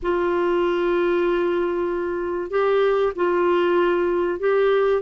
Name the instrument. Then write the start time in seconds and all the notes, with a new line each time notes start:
clarinet
0.02 F4
2.50 G4
3.15 F4
4.39 G4